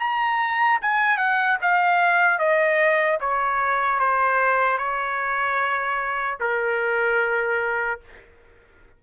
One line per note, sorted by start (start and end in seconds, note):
0.00 0.80 A#5
0.82 1.18 G#5
1.18 1.58 F#5
1.62 2.39 F5
2.39 3.19 D#5
3.21 4.00 C#5
4.00 4.78 C5
4.78 6.38 C#5
6.40 8.00 A#4